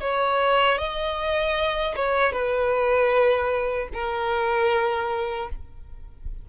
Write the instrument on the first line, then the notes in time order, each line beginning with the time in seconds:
violin
0.00 C#5
0.78 D#5
1.95 C#5
2.32 B4
3.93 A#4